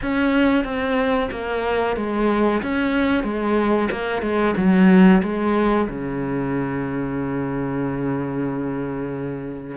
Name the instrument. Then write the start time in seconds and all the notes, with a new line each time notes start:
cello
0.02 C#4
0.64 C4
1.31 A#3
1.96 G#3
2.62 C#4
3.23 G#3
3.91 A#3
4.22 G#3
4.57 F#3
5.23 G#3
5.88 C#3